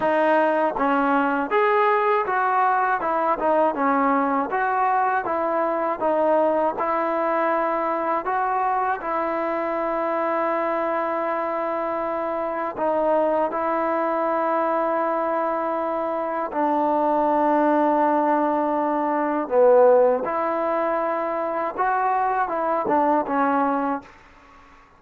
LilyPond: \new Staff \with { instrumentName = "trombone" } { \time 4/4 \tempo 4 = 80 dis'4 cis'4 gis'4 fis'4 | e'8 dis'8 cis'4 fis'4 e'4 | dis'4 e'2 fis'4 | e'1~ |
e'4 dis'4 e'2~ | e'2 d'2~ | d'2 b4 e'4~ | e'4 fis'4 e'8 d'8 cis'4 | }